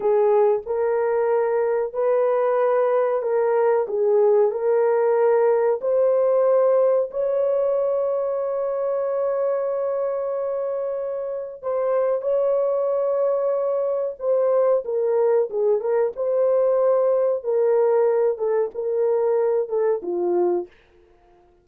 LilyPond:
\new Staff \with { instrumentName = "horn" } { \time 4/4 \tempo 4 = 93 gis'4 ais'2 b'4~ | b'4 ais'4 gis'4 ais'4~ | ais'4 c''2 cis''4~ | cis''1~ |
cis''2 c''4 cis''4~ | cis''2 c''4 ais'4 | gis'8 ais'8 c''2 ais'4~ | ais'8 a'8 ais'4. a'8 f'4 | }